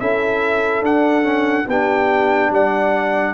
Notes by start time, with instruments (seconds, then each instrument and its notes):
0.00 tuba C#4, trombone E4, horn A4, trumpet E5
0.82 tuba D4, trombone D4, trumpet F#5
1.22 trombone C#4
1.68 tuba B3, trombone D4, horn G4, trumpet G5
2.50 tuba G3, horn D5, trumpet F#5